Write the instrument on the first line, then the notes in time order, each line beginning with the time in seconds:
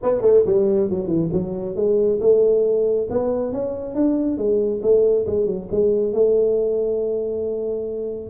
tuba
0.02 B3
0.21 A3
0.46 G3
0.90 F#3
1.07 E3
1.32 F#3
1.75 G#3
2.20 A3
3.10 B3
3.52 C#4
3.94 D4
4.37 G#3
4.82 A3
5.26 G#3
5.46 F#3
5.71 G#3
6.12 A3